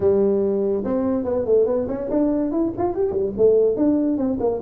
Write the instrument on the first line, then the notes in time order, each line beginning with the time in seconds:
tuba
0.00 G3
0.84 C4
1.24 B3
1.45 A3
1.66 B3
1.88 C#4
2.10 D4
2.51 E4
2.77 F4
2.94 G4
3.11 G3
3.37 A3
3.76 D4
4.17 C4
4.39 A#3